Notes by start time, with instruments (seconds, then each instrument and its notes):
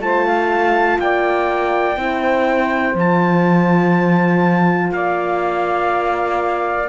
0.00 cello A3, horn F4, saxophone C5, trumpet A5
0.26 saxophone F5
0.99 cello A#3, saxophone D5, trumpet G5
1.97 cello C4, horn E4, saxophone C5
2.95 cello F3, horn F4, trumpet A5
4.92 cello A#3, saxophone D5, trumpet F5